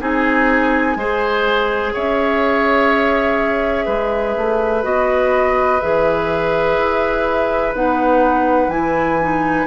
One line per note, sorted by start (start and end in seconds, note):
0.00 0.96 C4
0.00 0.97 D#4
0.00 0.98 G#4
0.00 1.95 G#5
0.96 1.93 G#3
0.96 4.83 G#4
0.96 1.94 C5
1.94 3.87 C#4
1.94 3.86 C#5
1.94 4.85 E5
3.86 4.36 G#3
3.86 9.66 B4
4.37 4.84 A3
4.83 5.81 B3
4.83 5.80 F#4
4.83 5.80 D#5
5.80 6.78 E3
5.80 7.75 G#4
5.80 7.74 E5
6.78 7.74 E4
7.74 8.68 B3
7.74 8.71 D#4
7.74 8.71 F#5
8.68 9.65 E3
8.68 9.20 E4
8.68 9.67 G#5
9.21 9.67 D#4